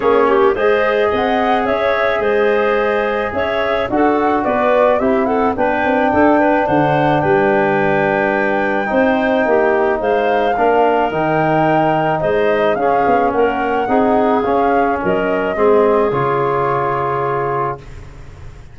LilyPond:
<<
  \new Staff \with { instrumentName = "flute" } { \time 4/4 \tempo 4 = 108 cis''4 dis''4 fis''4 e''4 | dis''2 e''4 fis''4 | d''4 e''8 fis''8 g''2 | fis''4 g''2.~ |
g''2 f''2 | g''2 dis''4 f''4 | fis''2 f''4 dis''4~ | dis''4 cis''2. | }
  \new Staff \with { instrumentName = "clarinet" } { \time 4/4 gis'8 g'8 c''4 dis''4 cis''4 | c''2 cis''4 a'4 | b'4 g'8 a'8 b'4 a'8 b'8 | c''4 b'2. |
c''4 g'4 c''4 ais'4~ | ais'2 c''4 gis'4 | ais'4 gis'2 ais'4 | gis'1 | }
  \new Staff \with { instrumentName = "trombone" } { \time 4/4 cis'4 gis'2.~ | gis'2. fis'4~ | fis'4 e'4 d'2~ | d'1 |
dis'2. d'4 | dis'2. cis'4~ | cis'4 dis'4 cis'2 | c'4 f'2. | }
  \new Staff \with { instrumentName = "tuba" } { \time 4/4 ais4 gis4 c'4 cis'4 | gis2 cis'4 d'4 | b4 c'4 b8 c'8 d'4 | d4 g2. |
c'4 ais4 gis4 ais4 | dis2 gis4 cis'8 b8 | ais4 c'4 cis'4 fis4 | gis4 cis2. | }
>>